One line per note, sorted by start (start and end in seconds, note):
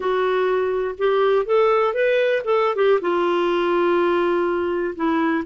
0.00 0.95 F#4
0.98 1.45 G4
1.45 1.94 A4
1.94 2.42 B4
2.44 2.75 A4
2.75 2.99 G4
3.01 4.94 F4
4.95 5.44 E4